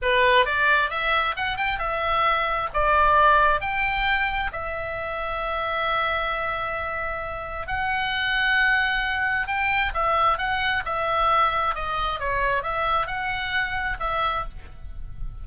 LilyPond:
\new Staff \with { instrumentName = "oboe" } { \time 4/4 \tempo 4 = 133 b'4 d''4 e''4 fis''8 g''8 | e''2 d''2 | g''2 e''2~ | e''1~ |
e''4 fis''2.~ | fis''4 g''4 e''4 fis''4 | e''2 dis''4 cis''4 | e''4 fis''2 e''4 | }